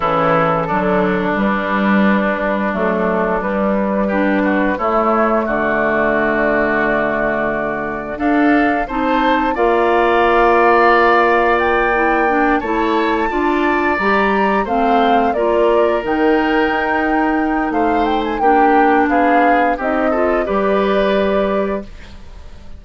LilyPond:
<<
  \new Staff \with { instrumentName = "flute" } { \time 4/4 \tempo 4 = 88 a'2 b'2 | a'4 b'2 cis''4 | d''1 | f''4 a''4 f''2~ |
f''4 g''4. a''4.~ | a''8 ais''4 f''4 d''4 g''8~ | g''2 f''8 g''16 gis''16 g''4 | f''4 dis''4 d''2 | }
  \new Staff \with { instrumentName = "oboe" } { \time 4/4 e'4 d'2.~ | d'2 g'8 fis'8 e'4 | fis'1 | a'4 c''4 d''2~ |
d''2~ d''8 cis''4 d''8~ | d''4. c''4 ais'4.~ | ais'2 c''4 g'4 | gis'4 g'8 a'8 b'2 | }
  \new Staff \with { instrumentName = "clarinet" } { \time 4/4 e4 fis4 g2 | a4 g4 d'4 a4~ | a1 | d'4 dis'4 f'2~ |
f'4. e'8 d'8 e'4 f'8~ | f'8 g'4 c'4 f'4 dis'8~ | dis'2. d'4~ | d'4 dis'8 f'8 g'2 | }
  \new Staff \with { instrumentName = "bassoon" } { \time 4/4 cis4 d4 g2 | fis4 g2 a4 | d1 | d'4 c'4 ais2~ |
ais2~ ais8 a4 d'8~ | d'8 g4 a4 ais4 dis8~ | dis8 dis'4. a4 ais4 | b4 c'4 g2 | }
>>